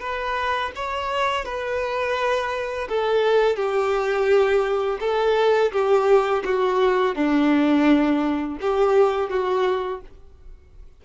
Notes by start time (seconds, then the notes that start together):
0.00 B4
0.75 C#5
1.45 B4
2.89 A4
3.56 G4
5.00 A4
5.72 G4
6.45 F#4
7.15 D4
8.61 G4
9.29 F#4